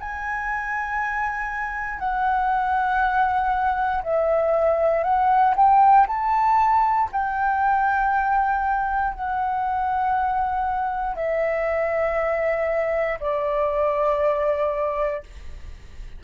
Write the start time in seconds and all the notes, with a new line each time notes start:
0.00 G#5
1.99 F#5
4.04 E5
5.03 F#5
5.56 G5
6.07 A5
7.12 G5
9.14 F#5
11.15 E5
13.20 D5